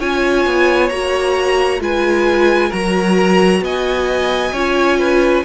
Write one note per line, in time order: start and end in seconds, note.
0.00 0.46 C#4
0.00 0.91 F4
0.00 1.82 C#5
0.00 0.89 G#5
0.46 0.91 B3
0.89 1.81 A#3
0.89 1.80 F#4
0.89 1.80 A#5
1.80 2.72 G#3
1.80 2.71 F4
1.80 2.69 B4
1.80 2.73 G#5
2.69 3.61 F#3
2.69 4.54 F#4
2.69 3.60 A#4
2.69 3.64 A#5
3.61 4.52 B3
3.61 4.53 D#5
3.61 5.45 G#5
4.53 5.44 C#4
4.53 5.45 F4
4.53 4.98 C#5
4.99 5.44 B4